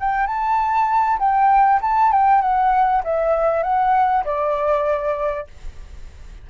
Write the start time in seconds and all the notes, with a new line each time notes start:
0.00 G5
0.27 A5
1.19 G5
1.82 A5
2.12 G5
2.42 F#5
3.04 E5
3.63 F#5
4.25 D5